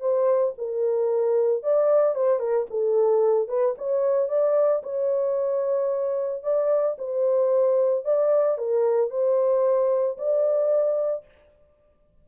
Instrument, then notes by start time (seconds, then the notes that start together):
horn
0.00 C5
0.58 A#4
1.63 D5
2.15 C5
2.39 A#4
2.70 A4
3.48 B4
3.77 C#5
4.28 D5
4.83 C#5
6.43 D5
6.98 C5
8.04 D5
8.58 A#4
9.10 C5
10.18 D5